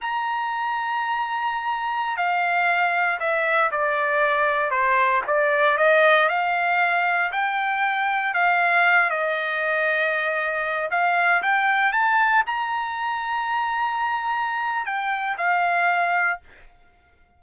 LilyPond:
\new Staff \with { instrumentName = "trumpet" } { \time 4/4 \tempo 4 = 117 ais''1~ | ais''16 f''2 e''4 d''8.~ | d''4~ d''16 c''4 d''4 dis''8.~ | dis''16 f''2 g''4.~ g''16~ |
g''16 f''4. dis''2~ dis''16~ | dis''4~ dis''16 f''4 g''4 a''8.~ | a''16 ais''2.~ ais''8.~ | ais''4 g''4 f''2 | }